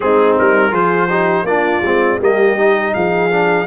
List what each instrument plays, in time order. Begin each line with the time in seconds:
0.00 tuba G#3, trombone C4, horn D#4, trumpet G#4
0.38 tuba G3, trumpet A#4
0.70 tuba F3, trombone F4, horn G#4, trumpet C5
1.08 trombone D#4, horn G4
1.43 tuba A#3, trombone D4, horn F4, trumpet D5
1.82 tuba G#3, trombone C4
2.19 tuba G3, trombone A#3, horn G4, trumpet D#5
2.56 trombone D#4
2.94 tuba F3, horn G#4, trumpet F5
3.30 trombone D4